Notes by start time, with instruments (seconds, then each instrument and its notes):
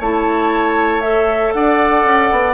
0.00 bassoon A3, clarinet E4, oboe C#5, flute A5
1.01 clarinet A4, flute E5
1.53 bassoon D4, oboe D5, flute F#5
2.04 bassoon C#4
2.31 bassoon B3